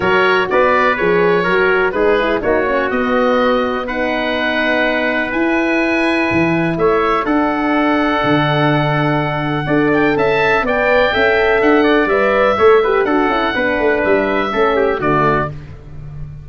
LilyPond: <<
  \new Staff \with { instrumentName = "oboe" } { \time 4/4 \tempo 4 = 124 cis''4 d''4 cis''2 | b'4 cis''4 dis''2 | fis''2. gis''4~ | gis''2 e''4 fis''4~ |
fis''1~ | fis''8 g''8 a''4 g''2 | fis''4 e''2 fis''4~ | fis''4 e''2 d''4 | }
  \new Staff \with { instrumentName = "trumpet" } { \time 4/4 ais'4 b'2 ais'4 | gis'4 fis'2. | b'1~ | b'2 cis''4 a'4~ |
a'1 | d''4 e''4 d''4 e''4~ | e''8 d''4. cis''8 b'8 a'4 | b'2 a'8 g'8 fis'4 | }
  \new Staff \with { instrumentName = "horn" } { \time 4/4 fis'2 gis'4 fis'4 | dis'8 e'8 dis'8 cis'8 b2 | dis'2. e'4~ | e'2. d'4~ |
d'1 | a'2 b'4 a'4~ | a'4 b'4 a'8 g'8 fis'8 e'8 | d'2 cis'4 a4 | }
  \new Staff \with { instrumentName = "tuba" } { \time 4/4 fis4 b4 f4 fis4 | gis4 ais4 b2~ | b2. e'4~ | e'4 e4 a4 d'4~ |
d'4 d2. | d'4 cis'4 b4 cis'4 | d'4 g4 a4 d'8 cis'8 | b8 a8 g4 a4 d4 | }
>>